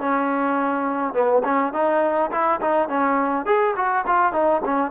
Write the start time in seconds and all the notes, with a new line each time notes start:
0.00 C#4
1.14 B3
1.44 C#4
1.73 D#4
2.32 E4
2.61 D#4
2.88 C#4
3.46 G#4
3.76 F#4
4.06 F4
4.33 D#4
4.65 C#4